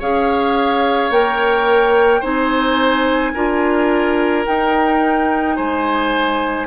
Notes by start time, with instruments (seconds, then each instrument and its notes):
0.00 bassoon C#4, clarinet G#4, oboe C#5, flute F5
1.11 bassoon A#3, clarinet A#4, flute G5
2.21 bassoon C4, clarinet D#4, oboe C5, flute G#5
3.34 bassoon D4, clarinet F4, oboe A#4
4.45 clarinet D#4, bassoon D#4, flute G5
5.56 bassoon G#3, oboe C5, flute G#5